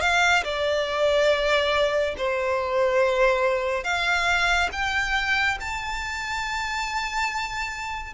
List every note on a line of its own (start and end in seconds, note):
0.00 0.43 F5
0.43 2.15 D5
2.17 3.84 C5
3.84 4.69 F5
4.72 5.58 G5
5.60 8.13 A5